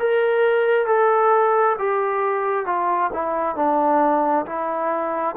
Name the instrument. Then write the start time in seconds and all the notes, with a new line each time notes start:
trombone
0.00 A#4
0.87 A4
1.79 G4
2.66 F4
3.13 E4
3.56 D4
4.46 E4